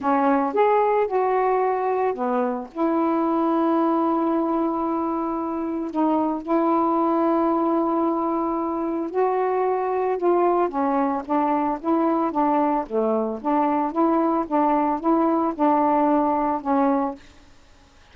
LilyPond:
\new Staff \with { instrumentName = "saxophone" } { \time 4/4 \tempo 4 = 112 cis'4 gis'4 fis'2 | b4 e'2.~ | e'2. dis'4 | e'1~ |
e'4 fis'2 f'4 | cis'4 d'4 e'4 d'4 | a4 d'4 e'4 d'4 | e'4 d'2 cis'4 | }